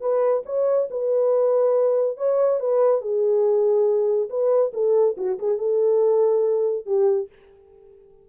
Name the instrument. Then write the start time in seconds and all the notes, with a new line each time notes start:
horn
0.00 B4
0.45 C#5
0.90 B4
2.17 C#5
2.60 B4
3.01 G#4
4.29 B4
4.73 A4
5.17 F#4
5.38 G#4
5.58 A4
6.86 G4